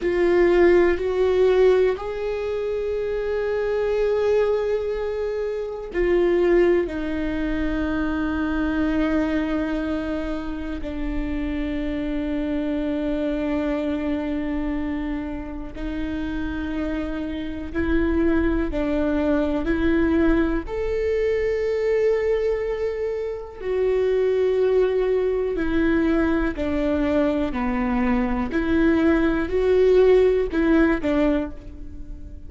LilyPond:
\new Staff \with { instrumentName = "viola" } { \time 4/4 \tempo 4 = 61 f'4 fis'4 gis'2~ | gis'2 f'4 dis'4~ | dis'2. d'4~ | d'1 |
dis'2 e'4 d'4 | e'4 a'2. | fis'2 e'4 d'4 | b4 e'4 fis'4 e'8 d'8 | }